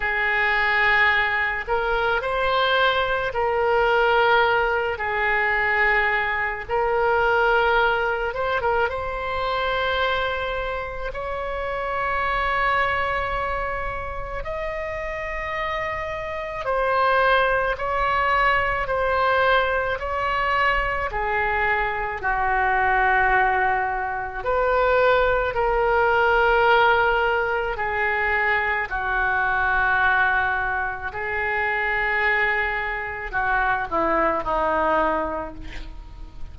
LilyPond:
\new Staff \with { instrumentName = "oboe" } { \time 4/4 \tempo 4 = 54 gis'4. ais'8 c''4 ais'4~ | ais'8 gis'4. ais'4. c''16 ais'16 | c''2 cis''2~ | cis''4 dis''2 c''4 |
cis''4 c''4 cis''4 gis'4 | fis'2 b'4 ais'4~ | ais'4 gis'4 fis'2 | gis'2 fis'8 e'8 dis'4 | }